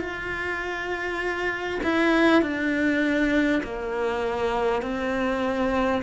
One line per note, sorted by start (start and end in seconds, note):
0.00 1.80 F4
1.83 2.42 E4
2.42 3.62 D4
3.63 4.82 A#3
4.82 6.02 C4